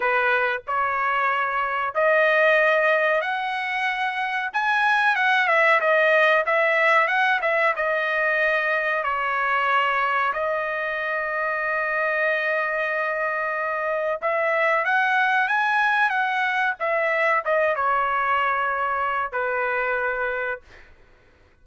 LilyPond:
\new Staff \with { instrumentName = "trumpet" } { \time 4/4 \tempo 4 = 93 b'4 cis''2 dis''4~ | dis''4 fis''2 gis''4 | fis''8 e''8 dis''4 e''4 fis''8 e''8 | dis''2 cis''2 |
dis''1~ | dis''2 e''4 fis''4 | gis''4 fis''4 e''4 dis''8 cis''8~ | cis''2 b'2 | }